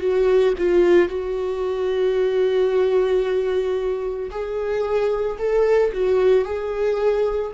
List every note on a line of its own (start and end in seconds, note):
0.00 0.54 F#4
0.58 1.09 F4
1.09 4.31 F#4
4.31 5.38 G#4
5.38 5.92 A4
5.93 6.45 F#4
6.45 7.52 G#4